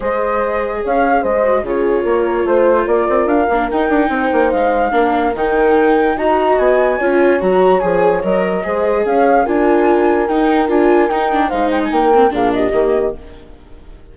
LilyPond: <<
  \new Staff \with { instrumentName = "flute" } { \time 4/4 \tempo 4 = 146 dis''2 f''4 dis''4 | cis''2 c''4 d''4 | f''4 g''2 f''4~ | f''4 g''2 ais''4 |
gis''2 ais''4 gis''4 | dis''2 f''4 gis''4~ | gis''4 g''4 gis''4 g''4 | f''8 g''16 gis''16 g''4 f''8 dis''4. | }
  \new Staff \with { instrumentName = "horn" } { \time 4/4 c''2 cis''4 c''4 | gis'4 ais'4 c''4 ais'4~ | ais'2 c''2 | ais'2. dis''4~ |
dis''4 cis''2.~ | cis''4 c''4 cis''4 ais'4~ | ais'1 | c''4 ais'4 gis'8 g'4. | }
  \new Staff \with { instrumentName = "viola" } { \time 4/4 gis'2.~ gis'8 fis'8 | f'1~ | f'8 d'8 dis'2. | d'4 dis'2 fis'4~ |
fis'4 f'4 fis'4 gis'4 | ais'4 gis'2 f'4~ | f'4 dis'4 f'4 dis'8 d'8 | dis'4. c'8 d'4 ais4 | }
  \new Staff \with { instrumentName = "bassoon" } { \time 4/4 gis2 cis'4 gis4 | cis4 ais4 a4 ais8 c'8 | d'8 ais8 dis'8 d'8 c'8 ais8 gis4 | ais4 dis2 dis'4 |
b4 cis'4 fis4 f4 | fis4 gis4 cis'4 d'4~ | d'4 dis'4 d'4 dis'4 | gis4 ais4 ais,4 dis4 | }
>>